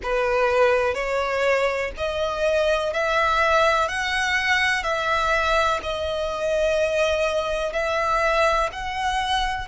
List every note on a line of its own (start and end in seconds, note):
0.02 0.94 B4
0.94 1.91 C#5
1.97 2.93 D#5
2.93 3.88 E5
3.88 4.83 F#5
4.83 5.80 E5
5.82 7.72 D#5
7.72 8.69 E5
8.72 9.68 F#5